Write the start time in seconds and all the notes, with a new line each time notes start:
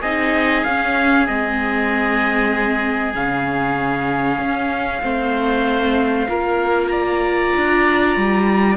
0.00 C4 D#4 G#4 D#5
0.64 C#4 F5
1.27 G#3 C4 D#5
3.13 C#3 C#4 F5
4.39 C#4
5.01 A3 C4 C5
6.27 A#3 F4 A#4
6.88 D5 A#5
7.56 D4
8.16 G3